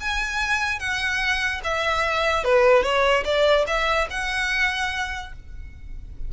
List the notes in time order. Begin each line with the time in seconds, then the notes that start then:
0.00 G#5
0.79 F#5
1.64 E5
2.44 B4
2.83 C#5
3.24 D5
3.67 E5
4.10 F#5